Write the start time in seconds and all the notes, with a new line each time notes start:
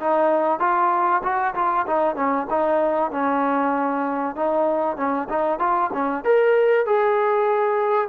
0.00 D#4
0.60 F4
1.23 F#4
1.55 F4
1.87 D#4
2.16 C#4
2.50 D#4
3.11 C#4
4.36 D#4
4.97 C#4
5.29 D#4
5.59 F4
5.93 C#4
6.25 A#4
6.86 G#4